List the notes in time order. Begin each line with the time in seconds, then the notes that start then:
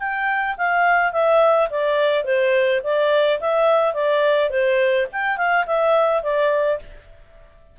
0.00 G5
0.58 F5
1.13 E5
1.70 D5
2.25 C5
2.84 D5
3.41 E5
3.94 D5
4.50 C5
5.13 G5
5.38 F5
5.67 E5
6.23 D5